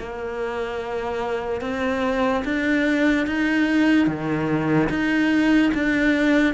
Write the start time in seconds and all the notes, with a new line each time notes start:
0.00 A#3
1.61 C4
2.45 D4
3.27 D#4
4.07 D#3
4.90 D#4
5.75 D4